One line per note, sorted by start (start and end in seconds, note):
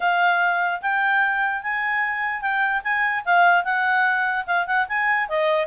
0.00 0.81 F5
0.81 1.62 G5
1.62 2.41 G#5
2.41 2.82 G5
2.83 3.24 G#5
3.25 3.64 F5
3.64 4.45 F#5
4.46 4.66 F5
4.66 4.87 F#5
4.88 5.29 G#5
5.29 5.67 D#5